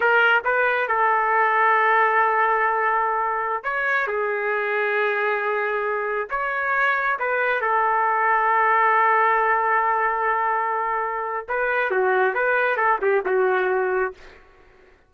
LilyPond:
\new Staff \with { instrumentName = "trumpet" } { \time 4/4 \tempo 4 = 136 ais'4 b'4 a'2~ | a'1~ | a'16 cis''4 gis'2~ gis'8.~ | gis'2~ gis'16 cis''4.~ cis''16~ |
cis''16 b'4 a'2~ a'8.~ | a'1~ | a'2 b'4 fis'4 | b'4 a'8 g'8 fis'2 | }